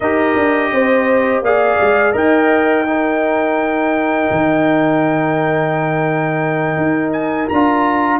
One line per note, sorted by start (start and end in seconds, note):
0.00 0.35 D#4
0.00 1.44 G4
0.00 0.71 A#4
0.00 1.43 D#5
0.35 0.71 D4
0.71 1.41 C4
0.71 1.44 C5
1.41 1.77 A#3
1.41 2.12 G#4
1.41 2.13 D5
1.41 2.15 F5
1.81 2.14 G#3
2.12 4.28 D#4
2.12 2.84 A#4
2.12 2.84 D#5
2.12 7.12 G5
2.86 7.50 D#4
2.86 8.20 A#4
4.30 6.76 D#3
6.76 7.48 D#4
7.12 7.48 G#5
7.48 8.20 D4
7.48 8.20 F4
7.48 8.20 A#5